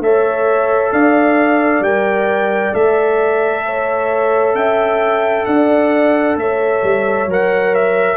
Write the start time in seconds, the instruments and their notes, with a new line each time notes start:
0.00 tuba A3, trombone A4, horn C#5, trumpet E5
0.92 tuba D4, horn D5, trumpet F5
1.80 tuba G3, trombone A#4, trumpet G5
2.73 tuba A3, trombone A4, trumpet E5
3.66 horn C#5
4.55 tuba C#4, horn E5, trumpet G5
5.45 tuba D4, horn D5, trumpet F#5
6.36 tuba A3, horn C#5, trumpet E5
6.83 tuba G3
7.26 tuba F#3, trombone A#4
7.32 trumpet F#5
7.74 trumpet E5